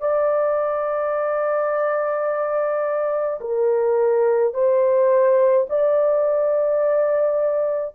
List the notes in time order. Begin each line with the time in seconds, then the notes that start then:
0.00 D5
3.41 A#4
4.53 C5
5.69 D5